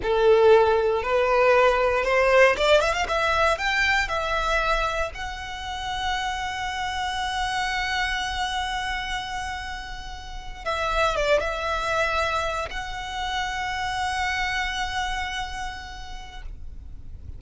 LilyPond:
\new Staff \with { instrumentName = "violin" } { \time 4/4 \tempo 4 = 117 a'2 b'2 | c''4 d''8 e''16 f''16 e''4 g''4 | e''2 fis''2~ | fis''1~ |
fis''1~ | fis''8. e''4 d''8 e''4.~ e''16~ | e''8. fis''2.~ fis''16~ | fis''1 | }